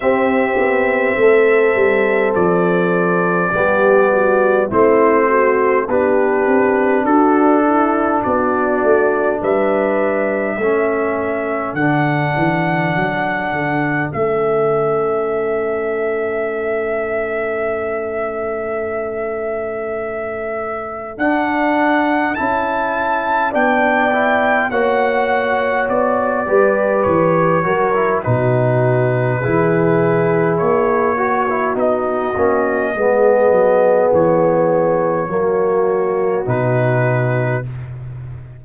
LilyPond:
<<
  \new Staff \with { instrumentName = "trumpet" } { \time 4/4 \tempo 4 = 51 e''2 d''2 | c''4 b'4 a'4 d''4 | e''2 fis''2 | e''1~ |
e''2 fis''4 a''4 | g''4 fis''4 d''4 cis''4 | b'2 cis''4 dis''4~ | dis''4 cis''2 b'4 | }
  \new Staff \with { instrumentName = "horn" } { \time 4/4 g'4 a'2 g'8 fis'8 | e'8 fis'8 g'4 fis'8 e'8 fis'4 | b'4 a'2.~ | a'1~ |
a'1 | d''4 cis''4. b'4 ais'8 | fis'4 gis'4. fis'4. | gis'2 fis'2 | }
  \new Staff \with { instrumentName = "trombone" } { \time 4/4 c'2. b4 | c'4 d'2.~ | d'4 cis'4 d'2 | cis'1~ |
cis'2 d'4 e'4 | d'8 e'8 fis'4. g'4 fis'16 e'16 | dis'4 e'4. fis'16 e'16 dis'8 cis'8 | b2 ais4 dis'4 | }
  \new Staff \with { instrumentName = "tuba" } { \time 4/4 c'8 b8 a8 g8 f4 g4 | a4 b8 c'8 d'4 b8 a8 | g4 a4 d8 e8 fis8 d8 | a1~ |
a2 d'4 cis'4 | b4 ais4 b8 g8 e8 fis8 | b,4 e4 ais4 b8 ais8 | gis8 fis8 e4 fis4 b,4 | }
>>